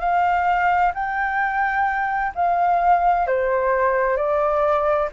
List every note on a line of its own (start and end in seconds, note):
0.00 0.92 F5
0.94 2.33 G5
2.35 3.27 F5
3.27 4.17 C5
4.17 5.09 D5